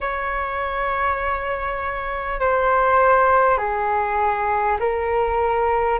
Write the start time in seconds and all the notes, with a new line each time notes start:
0.00 C#5
2.39 C5
3.57 G#4
4.79 A#4